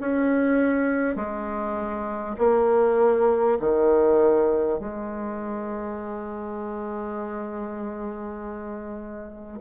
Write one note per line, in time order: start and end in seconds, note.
0.00 1.16 C#4
1.16 2.36 G#3
2.38 3.58 A#3
3.60 4.79 D#3
4.79 9.59 G#3